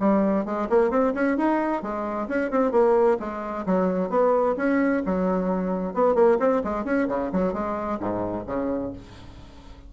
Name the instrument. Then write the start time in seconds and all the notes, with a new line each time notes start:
bassoon
0.00 G3
0.46 G#3
0.70 A#3
0.91 C4
1.15 C#4
1.38 D#4
1.83 G#3
2.29 C#4
2.51 C4
2.72 A#3
3.20 G#3
3.66 F#3
4.10 B3
4.57 C#4
5.06 F#3
5.94 B3
6.15 A#3
6.40 C4
6.64 G#3
6.85 C#4
7.09 C#3
7.32 F#3
7.54 G#3
8.00 G#2
8.47 C#3